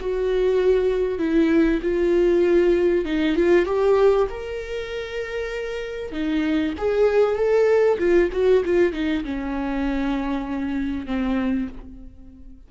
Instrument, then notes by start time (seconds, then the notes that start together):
viola
0.00 F#4
1.18 E4
1.82 F4
3.04 D#4
3.35 F4
3.65 G4
4.29 A#4
6.12 D#4
6.78 G#4
7.36 A4
7.98 F4
8.32 F#4
8.65 F4
8.92 D#4
9.24 C#4
11.06 C4